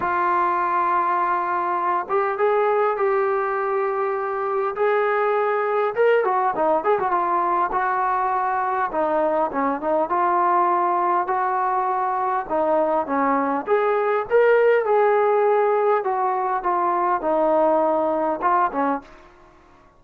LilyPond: \new Staff \with { instrumentName = "trombone" } { \time 4/4 \tempo 4 = 101 f'2.~ f'8 g'8 | gis'4 g'2. | gis'2 ais'8 fis'8 dis'8 gis'16 fis'16 | f'4 fis'2 dis'4 |
cis'8 dis'8 f'2 fis'4~ | fis'4 dis'4 cis'4 gis'4 | ais'4 gis'2 fis'4 | f'4 dis'2 f'8 cis'8 | }